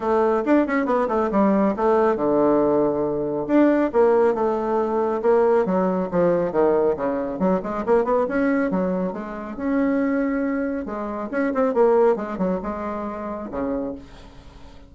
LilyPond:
\new Staff \with { instrumentName = "bassoon" } { \time 4/4 \tempo 4 = 138 a4 d'8 cis'8 b8 a8 g4 | a4 d2. | d'4 ais4 a2 | ais4 fis4 f4 dis4 |
cis4 fis8 gis8 ais8 b8 cis'4 | fis4 gis4 cis'2~ | cis'4 gis4 cis'8 c'8 ais4 | gis8 fis8 gis2 cis4 | }